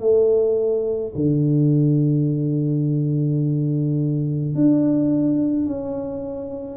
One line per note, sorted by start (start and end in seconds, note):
0.00 1.13 A3
1.15 4.55 D3
4.55 5.67 D4
5.67 6.77 C#4